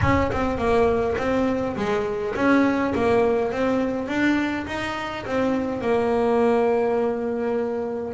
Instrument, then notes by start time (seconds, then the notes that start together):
double bass
0.01 C#4
0.32 C4
0.57 A#3
1.18 C4
1.76 G#3
2.35 C#4
2.94 A#3
3.52 C4
4.08 D4
4.67 D#4
5.26 C4
5.81 A#3